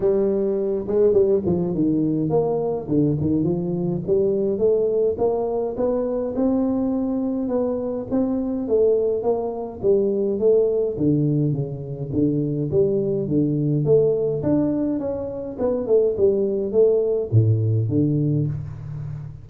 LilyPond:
\new Staff \with { instrumentName = "tuba" } { \time 4/4 \tempo 4 = 104 g4. gis8 g8 f8 dis4 | ais4 d8 dis8 f4 g4 | a4 ais4 b4 c'4~ | c'4 b4 c'4 a4 |
ais4 g4 a4 d4 | cis4 d4 g4 d4 | a4 d'4 cis'4 b8 a8 | g4 a4 a,4 d4 | }